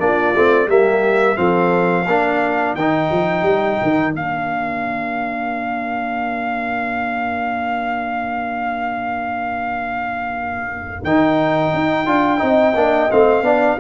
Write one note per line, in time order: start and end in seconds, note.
0.00 0.35 A#3
0.00 0.35 D4
0.00 0.69 F4
0.00 0.69 D5
0.35 0.68 A3
0.35 0.69 C4
0.68 1.37 G3
0.68 1.36 A#3
0.68 1.38 G4
0.68 1.37 E5
1.36 2.07 F3
1.36 2.05 C4
1.36 2.06 A4
1.36 2.75 F5
2.06 2.75 A#3
2.06 2.78 D4
2.06 12.41 A#4
2.75 3.09 D#3
2.75 4.15 D#4
2.75 4.14 G5
3.12 3.43 F3
3.43 3.77 G3
3.82 4.15 D#3
4.15 11.03 A#3
4.15 11.04 D4
4.15 11.04 F5
11.03 11.72 D#3
11.03 12.06 D#4
11.03 13.11 G5
11.74 12.07 D#4
12.06 12.42 D4
12.06 12.39 F4
12.39 12.75 C4
12.39 12.73 D#4
12.39 13.45 D#5
12.75 13.09 A#3
12.75 13.10 D4
13.11 13.42 A3
13.11 13.44 C4
13.11 13.80 F5
13.42 13.77 B3
13.42 13.78 D4
13.42 13.80 D5